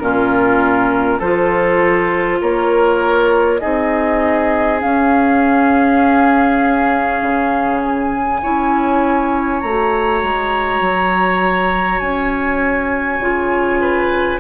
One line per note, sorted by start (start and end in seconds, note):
0.00 1.21 A#2
0.00 1.21 C#4
0.00 1.19 F4
0.00 1.20 A#4
1.19 2.41 F3
1.19 3.60 F4
1.19 2.39 A4
1.19 2.41 C5
2.41 3.62 A#3
2.41 3.61 A#4
2.41 3.60 C#5
3.60 4.84 C4
3.60 4.80 D#4
3.60 8.41 G#4
3.60 4.80 D#5
4.80 8.40 C#4
4.80 7.22 C#4
4.80 7.81 F5
7.22 8.42 C#3
7.81 9.61 G#5
8.43 9.63 C#4
8.43 9.63 E4
8.43 13.81 C#5
9.61 10.23 A3
9.61 13.22 F#4
9.61 12.00 A#5
10.23 10.81 G#3
10.81 12.01 F#3
12.00 13.20 C#4
12.00 14.39 G#5
13.20 14.39 C#3
13.20 14.40 F4
13.81 14.40 B4